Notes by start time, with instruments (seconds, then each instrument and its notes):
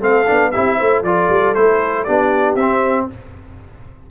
0.00 tuba A3, trombone C4, horn A4, trumpet F5
0.27 tuba B3, trombone D4
0.51 tuba C4, trombone E4, horn G4, trumpet E5
0.77 tuba A3, horn C5
1.03 tuba F3, trombone F4, horn A4, trumpet D5
1.30 tuba G3
1.55 tuba A3, trombone E4, trumpet C5
2.04 tuba B3, trombone D4, horn G4, trumpet D5
2.56 tuba C4, trombone C4, trumpet E5